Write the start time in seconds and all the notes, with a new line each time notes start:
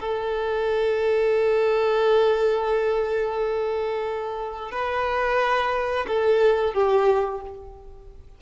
0.00 A4
4.72 B4
6.08 A4
6.74 G4